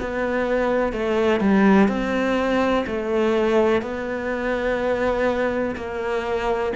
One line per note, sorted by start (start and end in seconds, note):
0.00 0.93 B3
0.93 1.40 A3
1.40 1.88 G3
1.88 2.85 C4
2.87 3.82 A3
3.82 5.75 B3
5.76 6.73 A#3